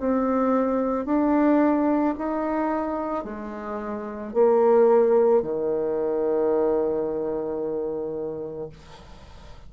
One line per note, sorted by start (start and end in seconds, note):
0.00 1.06 C4
1.06 2.15 D4
2.18 3.25 D#4
3.25 4.34 G#3
4.34 5.42 A#3
5.42 8.70 D#3